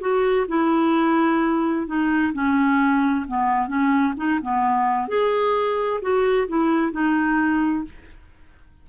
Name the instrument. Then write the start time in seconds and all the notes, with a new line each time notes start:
clarinet
0.00 F#4
0.48 E4
1.86 D#4
2.33 C#4
3.27 B3
3.67 C#4
4.16 D#4
4.41 B3
5.08 G#4
6.01 F#4
6.48 E4
6.91 D#4